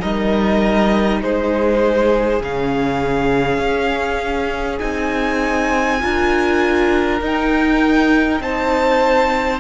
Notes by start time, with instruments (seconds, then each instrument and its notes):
0.00 cello G3, viola D#4, violin A#4 D#5
1.22 cello G#3, violin G#4 C5
2.40 cello C#3, viola C#4, violin F5
3.58 cello C#4
4.79 cello C4, viola D#4, violin G#5
6.00 cello D4, viola F4, violin A#4
7.21 cello D#4, viola D#4, violin G5
8.40 cello C4, violin C5 A5